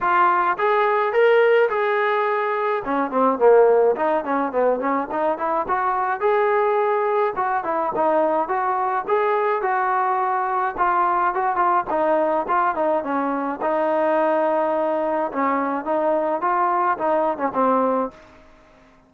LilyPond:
\new Staff \with { instrumentName = "trombone" } { \time 4/4 \tempo 4 = 106 f'4 gis'4 ais'4 gis'4~ | gis'4 cis'8 c'8 ais4 dis'8 cis'8 | b8 cis'8 dis'8 e'8 fis'4 gis'4~ | gis'4 fis'8 e'8 dis'4 fis'4 |
gis'4 fis'2 f'4 | fis'8 f'8 dis'4 f'8 dis'8 cis'4 | dis'2. cis'4 | dis'4 f'4 dis'8. cis'16 c'4 | }